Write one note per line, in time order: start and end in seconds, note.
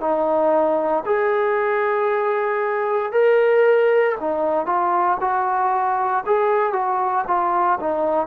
0.00 1.03 D#4
1.05 3.12 G#4
3.12 4.16 A#4
4.20 4.66 D#4
4.66 5.18 F4
5.21 6.24 F#4
6.26 6.73 G#4
6.73 7.25 F#4
7.27 7.79 F4
7.80 8.27 D#4